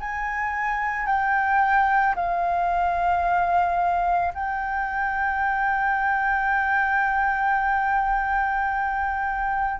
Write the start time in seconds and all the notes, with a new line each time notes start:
0.00 G#5
1.06 G5
2.15 F5
4.34 G5